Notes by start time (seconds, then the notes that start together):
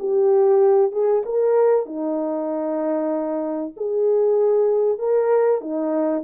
0.00 G4
0.92 G#4
1.26 A#4
1.86 D#4
3.77 G#4
4.99 A#4
5.61 D#4